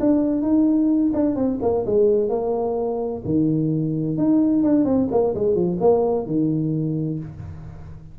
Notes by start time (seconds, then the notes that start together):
0.00 D4
0.42 D#4
1.14 D4
1.36 C4
1.62 A#3
1.86 G#3
2.29 A#3
3.25 D#3
4.18 D#4
4.63 D4
4.85 C4
5.11 A#3
5.35 G#3
5.55 F3
5.80 A#3
6.26 D#3